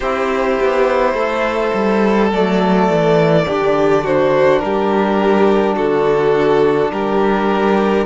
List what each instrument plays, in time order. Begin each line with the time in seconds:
0.00 cello C4, trombone E4, violin G4 C5
0.60 cello B3
1.13 cello A3, violin A4
1.74 cello G3
2.31 cello F#3, trombone A3, violin D5
2.89 cello E3
3.46 cello D3, trombone D4, violin G4
4.04 violin F#4 C5
4.59 cello G3, violin G4 A#4
5.75 cello D3, violin F#4 A4
6.91 cello G3, violin G4 A#4